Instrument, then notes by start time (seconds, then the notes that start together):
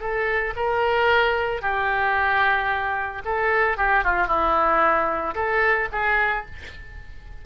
oboe
0.00 A4
0.56 A#4
1.62 G4
3.25 A4
3.77 G4
4.04 F4
4.27 E4
5.35 A4
5.92 G#4